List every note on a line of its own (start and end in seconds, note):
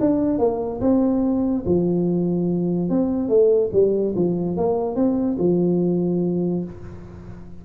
0.00 0.38 D4
0.38 0.80 A#3
0.80 1.64 C4
1.65 2.89 F3
2.89 3.29 C4
3.29 3.70 A3
3.73 4.14 G3
4.16 4.57 F3
4.57 4.95 A#3
4.95 5.37 C4
5.39 6.64 F3